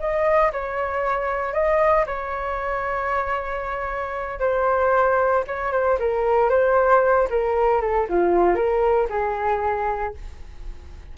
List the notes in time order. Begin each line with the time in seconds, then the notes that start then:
0.00 D#5
0.53 C#5
1.54 D#5
2.07 C#5
4.40 C5
5.48 C#5
5.73 C5
6.00 A#4
6.50 C5
7.30 A#4
7.82 A4
8.10 F4
8.56 A#4
9.10 G#4